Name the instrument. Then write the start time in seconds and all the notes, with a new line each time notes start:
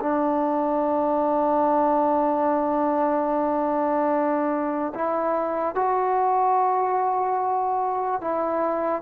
trombone
0.00 D4
4.95 E4
5.75 F#4
8.21 E4